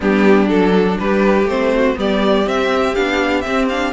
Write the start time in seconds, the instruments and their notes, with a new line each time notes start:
0.00 cello G3, viola B3, violin D4 G4
0.47 cello F#3, viola D4, violin A4
0.99 cello G3, violin G4 B4
1.44 cello A3, viola C4, violin C5
1.75 violin F#4
1.94 cello G3, viola B3, violin G4 D5
2.44 viola C4, cello C4, violin E5
2.95 cello B3, viola D4, violin F5
3.41 viola C4, cello C4, violin E5
3.68 viola D4, violin F5